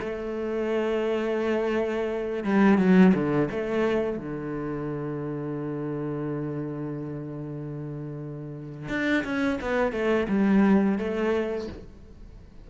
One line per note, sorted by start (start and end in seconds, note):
0.00 2.44 A3
2.44 2.78 G3
2.78 3.13 F#3
3.14 3.49 D3
3.51 4.18 A3
4.18 8.89 D3
8.89 9.24 D4
9.24 9.59 C#4
9.62 9.92 B3
9.92 10.27 A3
10.29 10.99 G3
10.99 11.68 A3